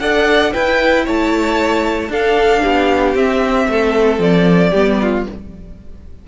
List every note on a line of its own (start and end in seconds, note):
0.00 0.53 D4
0.00 0.53 A4
0.00 0.53 D5
0.00 0.53 F#5
0.53 2.10 E4
0.53 1.07 E4
0.53 1.04 B4
0.53 1.05 G5
1.04 2.08 A3
1.04 2.10 C#5
1.04 2.12 A5
2.08 2.61 D4
2.08 3.15 D4
2.08 2.62 A4
2.08 3.16 F5
2.62 3.15 B3
2.62 3.68 G4
3.15 4.72 C4
3.15 3.67 C4
3.15 4.21 E5
3.68 4.19 A3
3.68 4.70 A4
4.19 4.71 F3
4.19 5.26 D5
4.70 5.26 G3
4.70 5.28 B3
4.70 4.97 G4
5.01 5.28 F4